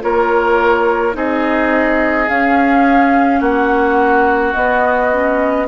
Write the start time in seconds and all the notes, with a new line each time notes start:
0.00 A#3 F4 A#4 C#5
1.13 C4 D#4 G#4 D#5
2.29 C#4 F5
3.40 A#3 F#4 F#5
4.54 B3 D#5
5.12 C#4